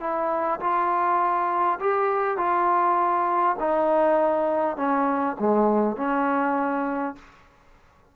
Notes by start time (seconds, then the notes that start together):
0.00 E4
0.60 F4
1.80 G4
2.37 F4
3.59 D#4
4.77 C#4
5.39 G#3
5.96 C#4